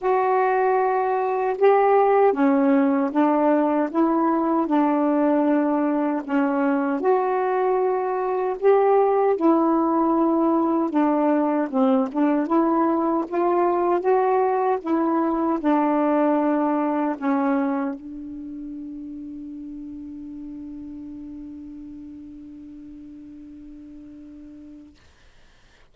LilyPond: \new Staff \with { instrumentName = "saxophone" } { \time 4/4 \tempo 4 = 77 fis'2 g'4 cis'4 | d'4 e'4 d'2 | cis'4 fis'2 g'4 | e'2 d'4 c'8 d'8 |
e'4 f'4 fis'4 e'4 | d'2 cis'4 d'4~ | d'1~ | d'1 | }